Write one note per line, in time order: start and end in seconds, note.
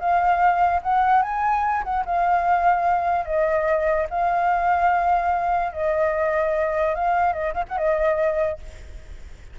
0.00 0.82 F5
0.83 1.23 F#5
1.23 1.84 G#5
1.84 2.05 F#5
2.06 3.26 F5
3.26 4.07 D#5
4.10 5.73 F5
5.73 6.95 D#5
6.96 7.33 F5
7.33 7.54 D#5
7.54 7.64 F5
7.69 7.78 F#5
7.78 8.59 D#5